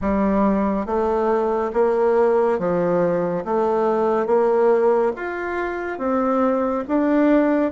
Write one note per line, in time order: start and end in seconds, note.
0.01 0.86 G3
0.86 1.71 A3
1.73 2.58 A#3
2.58 3.44 F3
3.44 4.26 A3
4.26 5.12 A#3
5.16 5.98 F4
5.98 6.84 C4
6.88 7.71 D4